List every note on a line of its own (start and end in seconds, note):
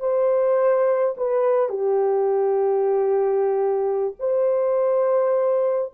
0.00 1.15 C5
1.17 1.69 B4
1.69 4.15 G4
4.20 5.93 C5